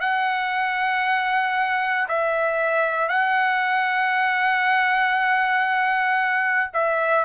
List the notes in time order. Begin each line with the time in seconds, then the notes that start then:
0.00 F#5
2.08 E5
3.08 F#5
6.73 E5